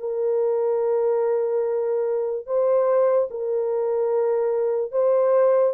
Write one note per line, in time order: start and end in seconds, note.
0.00 2.47 A#4
2.47 3.29 C5
3.30 4.92 A#4
4.92 5.74 C5